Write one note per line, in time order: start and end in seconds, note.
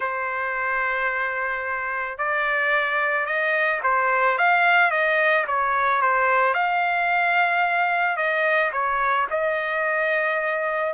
0.00 2.18 C5
2.18 3.26 D5
3.26 3.80 D#5
3.83 4.38 C5
4.38 4.90 F5
4.90 5.45 D#5
5.47 6.01 C#5
6.01 6.54 C5
6.54 8.16 F5
8.16 8.71 D#5
8.72 9.27 C#5
9.30 10.93 D#5